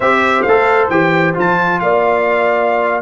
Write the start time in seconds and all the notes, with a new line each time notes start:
0.00 C4 G4 C5 E5
0.42 A3 F5
0.48 A4
0.89 E3 G4 G5
1.34 F3 F4 A5
1.79 A#3 D5 F5